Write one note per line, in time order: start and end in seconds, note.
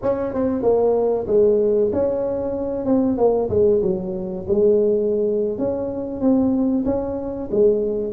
0.02 0.33 C#4
0.33 0.62 C4
0.62 1.26 A#3
1.27 1.91 G#3
1.93 2.85 C#4
2.85 3.17 C4
3.17 3.49 A#3
3.49 3.81 G#3
3.82 4.46 F#3
4.48 5.58 G#3
5.58 6.20 C#4
6.20 6.84 C4
6.85 7.49 C#4
7.51 8.12 G#3